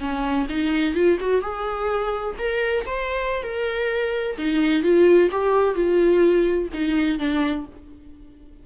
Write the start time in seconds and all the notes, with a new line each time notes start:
0.00 C#4
0.49 D#4
0.95 F4
1.20 F#4
1.42 G#4
2.38 A#4
2.86 C5
3.43 A#4
4.38 D#4
4.83 F4
5.31 G4
5.75 F4
6.73 D#4
7.19 D4